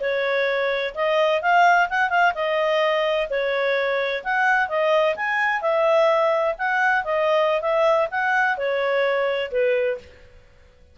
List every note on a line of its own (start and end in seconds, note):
0.00 0.94 C#5
0.95 1.41 D#5
1.41 1.88 F5
1.89 2.09 F#5
2.09 2.33 F5
2.34 3.28 D#5
3.30 4.23 C#5
4.24 4.68 F#5
4.68 5.15 D#5
5.16 5.61 G#5
5.61 6.55 E5
6.58 7.04 F#5
7.04 7.61 D#5
7.61 8.08 E5
8.11 8.57 F#5
8.57 9.51 C#5
9.51 9.98 B4